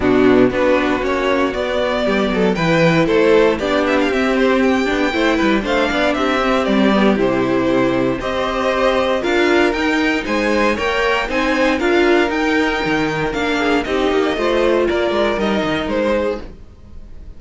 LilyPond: <<
  \new Staff \with { instrumentName = "violin" } { \time 4/4 \tempo 4 = 117 fis'4 b'4 cis''4 d''4~ | d''4 g''4 c''4 d''8 e''16 f''16 | e''8 c''8 g''2 f''4 | e''4 d''4 c''2 |
dis''2 f''4 g''4 | gis''4 g''4 gis''4 f''4 | g''2 f''4 dis''4~ | dis''4 d''4 dis''4 c''4 | }
  \new Staff \with { instrumentName = "violin" } { \time 4/4 d'4 fis'2. | g'8 a'8 b'4 a'4 g'4~ | g'2 c''8 b'8 c''8 d''8 | g'1 |
c''2 ais'2 | c''4 cis''4 c''4 ais'4~ | ais'2~ ais'8 gis'8 g'4 | c''4 ais'2~ ais'8 gis'8 | }
  \new Staff \with { instrumentName = "viola" } { \time 4/4 b4 d'4 cis'4 b4~ | b4 e'2 d'4 | c'4. d'8 e'4 d'4~ | d'8 c'4 b8 e'2 |
g'2 f'4 dis'4~ | dis'4 ais'4 dis'4 f'4 | dis'2 d'4 dis'4 | f'2 dis'2 | }
  \new Staff \with { instrumentName = "cello" } { \time 4/4 b,4 b4 ais4 b4 | g8 fis8 e4 a4 b4 | c'4. b8 a8 g8 a8 b8 | c'4 g4 c2 |
c'2 d'4 dis'4 | gis4 ais4 c'4 d'4 | dis'4 dis4 ais4 c'8 ais8 | a4 ais8 gis8 g8 dis8 gis4 | }
>>